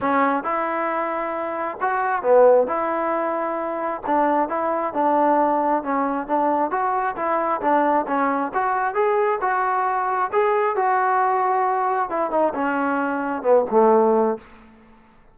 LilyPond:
\new Staff \with { instrumentName = "trombone" } { \time 4/4 \tempo 4 = 134 cis'4 e'2. | fis'4 b4 e'2~ | e'4 d'4 e'4 d'4~ | d'4 cis'4 d'4 fis'4 |
e'4 d'4 cis'4 fis'4 | gis'4 fis'2 gis'4 | fis'2. e'8 dis'8 | cis'2 b8 a4. | }